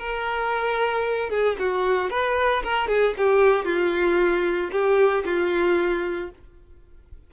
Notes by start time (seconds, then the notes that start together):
0.00 A#4
1.30 G#4
1.59 F#4
2.11 B4
2.64 A#4
2.88 G#4
3.18 G4
3.66 F4
4.72 G4
5.25 F4